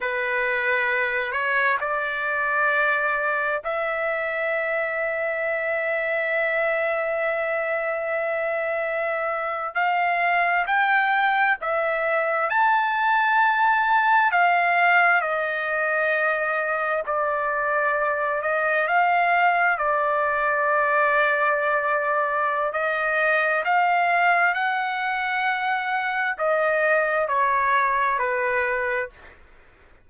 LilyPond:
\new Staff \with { instrumentName = "trumpet" } { \time 4/4 \tempo 4 = 66 b'4. cis''8 d''2 | e''1~ | e''2~ e''8. f''4 g''16~ | g''8. e''4 a''2 f''16~ |
f''8. dis''2 d''4~ d''16~ | d''16 dis''8 f''4 d''2~ d''16~ | d''4 dis''4 f''4 fis''4~ | fis''4 dis''4 cis''4 b'4 | }